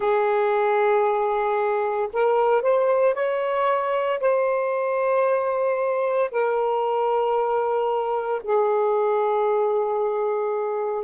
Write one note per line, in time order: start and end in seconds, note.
0.00 2.09 G#4
2.13 2.61 A#4
2.61 3.14 C5
3.14 4.19 C#5
4.20 6.30 C5
6.31 8.41 A#4
8.43 11.04 G#4